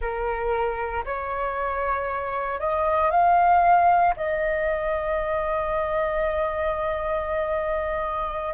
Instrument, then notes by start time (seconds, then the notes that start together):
flute
0.00 A#4
1.05 C#5
2.59 D#5
3.10 F5
4.16 D#5